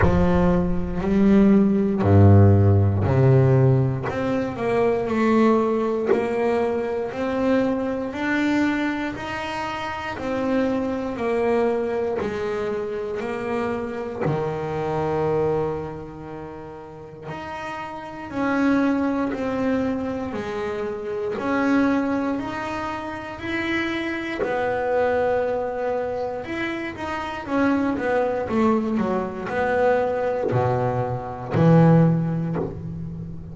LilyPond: \new Staff \with { instrumentName = "double bass" } { \time 4/4 \tempo 4 = 59 f4 g4 g,4 c4 | c'8 ais8 a4 ais4 c'4 | d'4 dis'4 c'4 ais4 | gis4 ais4 dis2~ |
dis4 dis'4 cis'4 c'4 | gis4 cis'4 dis'4 e'4 | b2 e'8 dis'8 cis'8 b8 | a8 fis8 b4 b,4 e4 | }